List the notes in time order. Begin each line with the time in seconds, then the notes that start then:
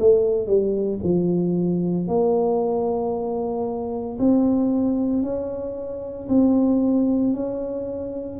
0.00 A3
0.47 G3
1.04 F3
2.08 A#3
4.19 C4
5.23 C#4
6.29 C4
7.34 C#4